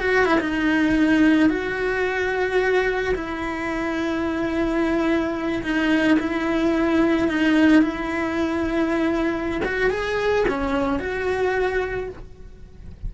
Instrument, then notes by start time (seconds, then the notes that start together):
cello
0.00 F#4
0.26 E4
0.40 D#4
1.50 F#4
3.15 E4
5.63 D#4
6.19 E4
7.28 D#4
7.82 E4
9.65 F#4
9.90 G#4
10.48 C#4
10.99 F#4